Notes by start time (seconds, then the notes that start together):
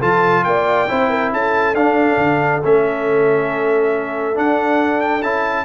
0.00 F3 F4 A4 A5
0.44 A#3 D5 G5
0.88 C4 E4 C5
1.10 A#4
1.32 C#4 A4 A5
1.73 D4 F5
2.17 D3
2.63 A3 C#4 E5
4.34 D4 F#5
5.01 G5
5.22 C#4 E4 A5